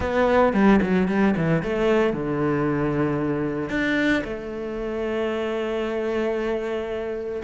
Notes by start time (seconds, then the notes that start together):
0.00 B3
0.53 G3
0.82 F#3
1.08 G3
1.36 E3
1.62 A3
2.13 D3
3.69 D4
4.24 A3